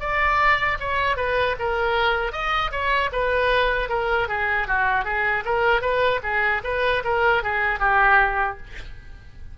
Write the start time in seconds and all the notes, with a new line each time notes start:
0.00 D5
0.80 C#5
1.17 B4
1.59 A#4
2.32 D#5
2.72 C#5
3.12 B4
3.89 A#4
4.29 G#4
4.68 F#4
5.05 G#4
5.45 A#4
5.82 B4
6.23 G#4
6.64 B4
7.04 A#4
7.43 G#4
7.80 G4